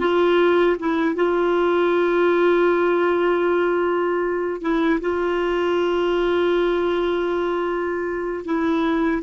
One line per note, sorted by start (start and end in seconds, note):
0.00 0.77 F4
0.79 1.15 E4
1.15 4.62 F4
4.62 5.00 E4
5.01 8.45 F4
8.45 9.22 E4